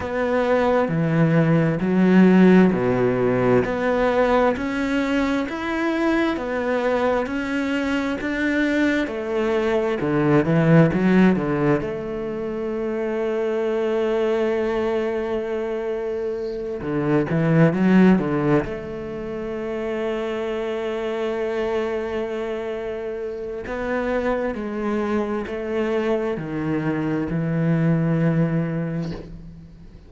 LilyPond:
\new Staff \with { instrumentName = "cello" } { \time 4/4 \tempo 4 = 66 b4 e4 fis4 b,4 | b4 cis'4 e'4 b4 | cis'4 d'4 a4 d8 e8 | fis8 d8 a2.~ |
a2~ a8 d8 e8 fis8 | d8 a2.~ a8~ | a2 b4 gis4 | a4 dis4 e2 | }